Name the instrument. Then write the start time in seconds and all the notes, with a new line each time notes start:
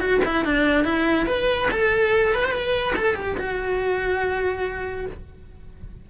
cello
0.00 F#4
0.25 E4
0.45 D4
0.85 E4
1.26 B4
1.71 A4
2.34 B4
2.44 C5
2.51 B4
2.96 A4
3.15 G4
3.37 F#4